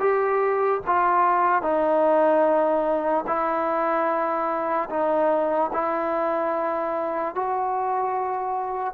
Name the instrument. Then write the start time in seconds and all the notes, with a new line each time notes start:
trombone
0.00 G4
0.87 F4
1.63 D#4
3.27 E4
4.90 D#4
5.73 E4
7.35 F#4